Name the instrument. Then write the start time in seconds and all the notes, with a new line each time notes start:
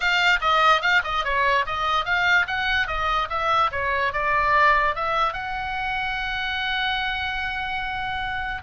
oboe
0.00 F5
0.41 D#5
0.81 F5
1.04 D#5
1.24 C#5
1.66 D#5
2.05 F5
2.47 F#5
2.87 D#5
3.29 E5
3.71 C#5
4.12 D5
4.95 E5
5.33 F#5